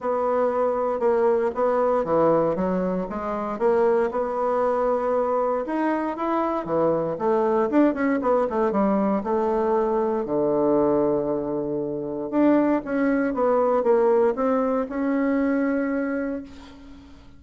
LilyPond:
\new Staff \with { instrumentName = "bassoon" } { \time 4/4 \tempo 4 = 117 b2 ais4 b4 | e4 fis4 gis4 ais4 | b2. dis'4 | e'4 e4 a4 d'8 cis'8 |
b8 a8 g4 a2 | d1 | d'4 cis'4 b4 ais4 | c'4 cis'2. | }